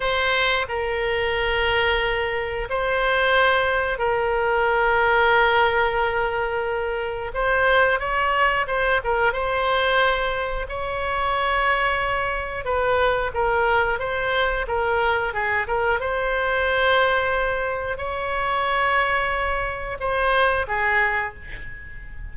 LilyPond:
\new Staff \with { instrumentName = "oboe" } { \time 4/4 \tempo 4 = 90 c''4 ais'2. | c''2 ais'2~ | ais'2. c''4 | cis''4 c''8 ais'8 c''2 |
cis''2. b'4 | ais'4 c''4 ais'4 gis'8 ais'8 | c''2. cis''4~ | cis''2 c''4 gis'4 | }